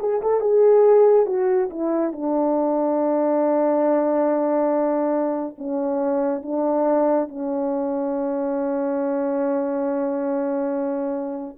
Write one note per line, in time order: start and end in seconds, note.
0.00 0.21 G#4
0.22 0.41 A4
0.41 1.26 G#4
1.26 1.69 F#4
1.70 2.13 E4
2.13 5.56 D4
5.58 6.42 C#4
6.42 7.28 D4
7.28 11.57 C#4